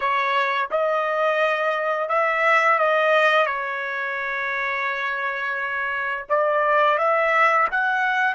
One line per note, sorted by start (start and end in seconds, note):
0.00 0.68 C#5
0.70 2.09 D#5
2.09 2.78 E5
2.78 3.46 D#5
3.46 6.25 C#5
6.29 6.98 D5
6.98 7.67 E5
7.71 8.34 F#5